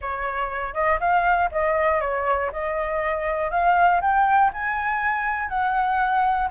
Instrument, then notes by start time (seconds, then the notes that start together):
flute
0.01 C#5
0.73 D#5
1.00 F5
1.51 D#5
2.00 C#5
2.52 D#5
3.50 F5
4.01 G5
4.52 G#5
5.48 F#5